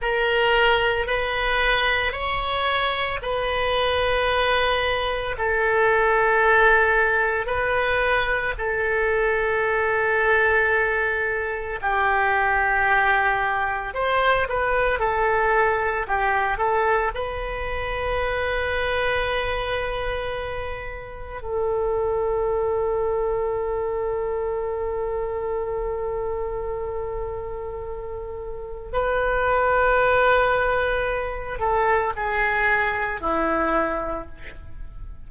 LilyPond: \new Staff \with { instrumentName = "oboe" } { \time 4/4 \tempo 4 = 56 ais'4 b'4 cis''4 b'4~ | b'4 a'2 b'4 | a'2. g'4~ | g'4 c''8 b'8 a'4 g'8 a'8 |
b'1 | a'1~ | a'2. b'4~ | b'4. a'8 gis'4 e'4 | }